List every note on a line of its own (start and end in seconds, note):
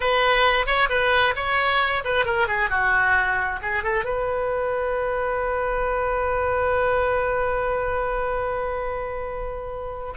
0.00 0.66 B4
0.66 0.89 C#5
0.89 1.34 B4
1.35 2.03 C#5
2.04 2.25 B4
2.25 2.47 A#4
2.47 2.69 G#4
2.69 3.59 F#4
3.62 3.83 G#4
3.83 4.04 A4
4.04 10.13 B4